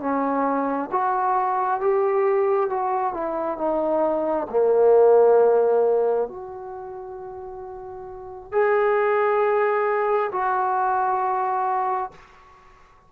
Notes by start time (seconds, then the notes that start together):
0.00 C#4
0.92 F#4
1.81 G4
2.70 F#4
3.13 E4
3.58 D#4
4.50 A#3
6.28 F#4
8.52 G#4
10.32 F#4